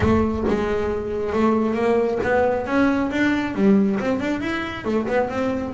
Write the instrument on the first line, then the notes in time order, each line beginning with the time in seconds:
double bass
0.00 A3
0.48 G#3
1.32 A3
1.74 A#3
2.23 B3
2.66 C#4
3.11 D4
3.54 G3
3.99 C4
4.20 D4
4.40 E4
4.84 A3
5.07 B3
5.29 C4